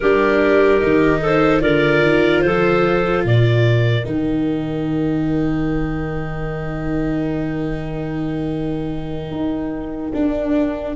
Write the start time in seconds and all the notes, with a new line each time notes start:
0.00 G3 D4 G4 A#4
0.80 D#3 D#4
1.21 A4 C5
1.59 D3 F4 A#4 D5
2.02 D#3
2.41 F3 A4 C5
3.24 A#2 A#4 D5
4.04 D#3 D#4 G5
9.30 D#4
10.13 D4